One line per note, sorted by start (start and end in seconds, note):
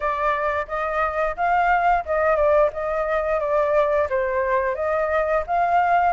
0.00 0.66 D5
0.67 1.35 D#5
1.36 2.04 F5
2.05 2.36 D#5
2.36 2.70 D5
2.72 3.39 D#5
3.39 4.08 D5
4.09 4.75 C5
4.75 5.43 D#5
5.47 6.12 F5